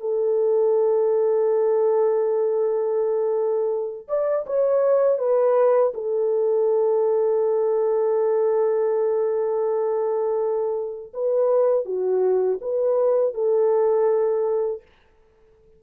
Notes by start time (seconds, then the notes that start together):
0.00 A4
4.08 D5
4.46 C#5
5.18 B4
5.94 A4
11.13 B4
11.85 F#4
12.61 B4
13.34 A4